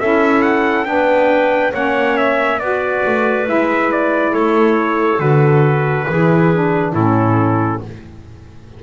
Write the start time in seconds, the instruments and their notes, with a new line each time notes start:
0.00 double bass C#4, saxophone E4, clarinet A4, trumpet E5
0.42 trumpet F#5
0.84 double bass B3, saxophone D4, clarinet B4, trumpet G5
1.72 double bass A#3, saxophone C#4, clarinet C#5, trumpet F#5
2.17 trumpet E5
2.60 double bass B3, saxophone F#4, clarinet B4, trumpet D5
3.05 double bass A3
3.45 double bass G#3, saxophone E4, trumpet E5
3.92 trumpet D5
4.32 double bass A3, clarinet A4, trumpet C#5
5.18 double bass D3, saxophone F#4, trumpet B4
6.09 double bass E3, saxophone E4, clarinet G#4
6.53 saxophone D4
6.92 double bass A2, saxophone C#4, clarinet E4, trumpet A4